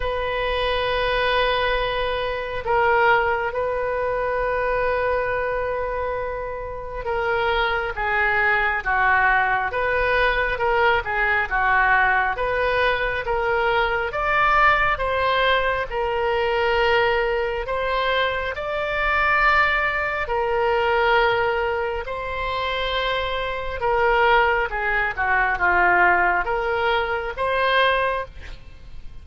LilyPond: \new Staff \with { instrumentName = "oboe" } { \time 4/4 \tempo 4 = 68 b'2. ais'4 | b'1 | ais'4 gis'4 fis'4 b'4 | ais'8 gis'8 fis'4 b'4 ais'4 |
d''4 c''4 ais'2 | c''4 d''2 ais'4~ | ais'4 c''2 ais'4 | gis'8 fis'8 f'4 ais'4 c''4 | }